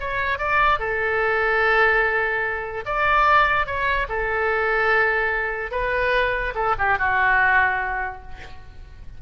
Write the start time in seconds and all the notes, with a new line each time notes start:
0.00 C#5
0.38 D5
0.79 A4
2.85 D5
3.66 C#5
4.09 A4
5.71 B4
6.55 A4
6.78 G4
6.98 F#4